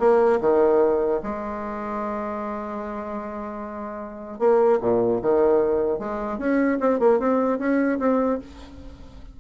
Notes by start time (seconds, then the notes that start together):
0.00 A#3
0.41 D#3
1.23 G#3
4.39 A#3
4.81 A#2
5.22 D#3
6.00 G#3
6.39 C#4
6.81 C4
7.00 A#3
7.20 C4
7.59 C#4
7.99 C4